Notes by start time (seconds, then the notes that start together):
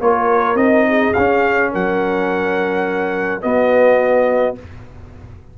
0.00 A#3 F4 A#4 C#5
0.55 C4 D#4 D#5
0.88 G#4
1.13 C#4 F5
1.71 F#3 A#4 F#5
3.41 B3 F#4 D#5